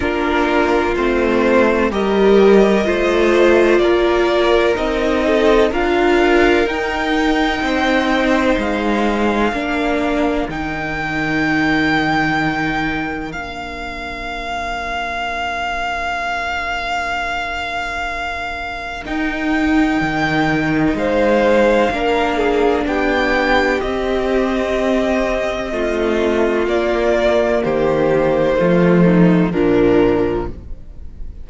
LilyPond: <<
  \new Staff \with { instrumentName = "violin" } { \time 4/4 \tempo 4 = 63 ais'4 c''4 dis''2 | d''4 dis''4 f''4 g''4~ | g''4 f''2 g''4~ | g''2 f''2~ |
f''1 | g''2 f''2 | g''4 dis''2. | d''4 c''2 ais'4 | }
  \new Staff \with { instrumentName = "violin" } { \time 4/4 f'2 ais'4 c''4 | ais'4. a'8 ais'2 | c''2 ais'2~ | ais'1~ |
ais'1~ | ais'2 c''4 ais'8 gis'8 | g'2. f'4~ | f'4 g'4 f'8 dis'8 d'4 | }
  \new Staff \with { instrumentName = "viola" } { \time 4/4 d'4 c'4 g'4 f'4~ | f'4 dis'4 f'4 dis'4~ | dis'2 d'4 dis'4~ | dis'2 d'2~ |
d'1 | dis'2. d'4~ | d'4 c'2. | ais2 a4 f4 | }
  \new Staff \with { instrumentName = "cello" } { \time 4/4 ais4 a4 g4 a4 | ais4 c'4 d'4 dis'4 | c'4 gis4 ais4 dis4~ | dis2 ais2~ |
ais1 | dis'4 dis4 gis4 ais4 | b4 c'2 a4 | ais4 dis4 f4 ais,4 | }
>>